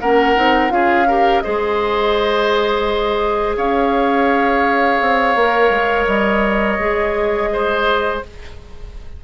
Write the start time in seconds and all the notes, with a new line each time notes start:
0.00 A#3 C#4 A#4 F#5
0.35 C4 D#4
0.69 C#4 F4 G#4 F5
1.07 G4 A#4
1.40 G#3 G#4 C5 D#5
3.57 C#4 C#5 F5
5.00 C4
5.35 A#3 A#4
5.69 G#3
6.06 G3 D#5
6.79 G#3 G#4
7.52 C5